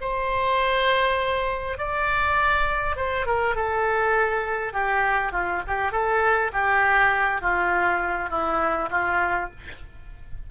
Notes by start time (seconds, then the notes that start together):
0.00 C5
1.77 D5
2.96 C5
3.26 A#4
3.55 A4
4.73 G4
5.32 F4
5.67 G4
5.91 A4
6.52 G4
7.41 F4
8.30 E4
8.90 F4